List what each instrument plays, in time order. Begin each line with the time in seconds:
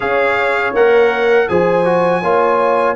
0.00 tuba C#4, trombone G#4, horn C#5, trumpet F5
0.73 tuba A#3, trombone A#4, trumpet F#5
1.48 tuba F3, trombone G#4, horn C5, trumpet G#5
1.84 trombone F#4
2.21 tuba A#3, trombone F4, horn C#5